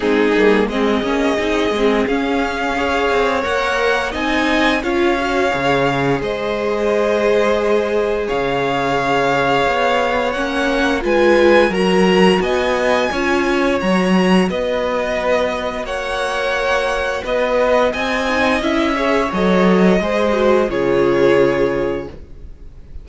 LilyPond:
<<
  \new Staff \with { instrumentName = "violin" } { \time 4/4 \tempo 4 = 87 gis'4 dis''2 f''4~ | f''4 fis''4 gis''4 f''4~ | f''4 dis''2. | f''2. fis''4 |
gis''4 ais''4 gis''2 | ais''4 dis''2 fis''4~ | fis''4 dis''4 gis''4 e''4 | dis''2 cis''2 | }
  \new Staff \with { instrumentName = "violin" } { \time 4/4 dis'4 gis'2. | cis''2 dis''4 cis''4~ | cis''4 c''2. | cis''1 |
b'4 ais'4 dis''4 cis''4~ | cis''4 b'2 cis''4~ | cis''4 b'4 dis''4. cis''8~ | cis''4 c''4 gis'2 | }
  \new Staff \with { instrumentName = "viola" } { \time 4/4 c'8 ais8 c'8 cis'8 dis'8 c'8 cis'4 | gis'4 ais'4 dis'4 f'8 fis'8 | gis'1~ | gis'2. cis'4 |
f'4 fis'2 f'4 | fis'1~ | fis'2~ fis'8 dis'8 e'8 gis'8 | a'4 gis'8 fis'8 f'2 | }
  \new Staff \with { instrumentName = "cello" } { \time 4/4 gis8 g8 gis8 ais8 c'8 gis8 cis'4~ | cis'8 c'8 ais4 c'4 cis'4 | cis4 gis2. | cis2 b4 ais4 |
gis4 fis4 b4 cis'4 | fis4 b2 ais4~ | ais4 b4 c'4 cis'4 | fis4 gis4 cis2 | }
>>